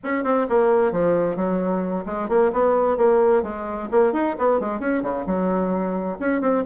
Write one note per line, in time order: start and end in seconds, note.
0.03 0.24 C#4
0.24 0.47 C4
0.49 0.92 A#3
0.92 1.36 F3
1.36 2.04 F#3
2.05 2.28 G#3
2.28 2.51 A#3
2.53 2.97 B3
2.97 3.42 A#3
3.42 3.88 G#3
3.91 4.13 A#3
4.13 4.36 D#4
4.38 4.59 B3
4.59 4.80 G#3
4.80 5.02 C#4
5.02 5.25 C#3
5.26 6.18 F#3
6.19 6.41 C#4
6.41 6.64 C4